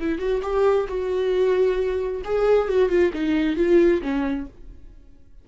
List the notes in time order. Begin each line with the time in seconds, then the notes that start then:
0.00 E4
0.19 F#4
0.43 G4
0.88 F#4
2.25 G#4
2.68 F#4
2.89 F4
3.13 D#4
3.57 F4
4.03 C#4